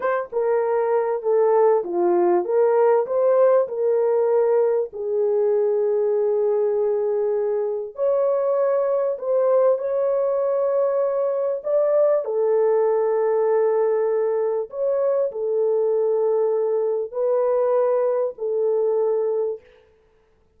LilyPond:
\new Staff \with { instrumentName = "horn" } { \time 4/4 \tempo 4 = 98 c''8 ais'4. a'4 f'4 | ais'4 c''4 ais'2 | gis'1~ | gis'4 cis''2 c''4 |
cis''2. d''4 | a'1 | cis''4 a'2. | b'2 a'2 | }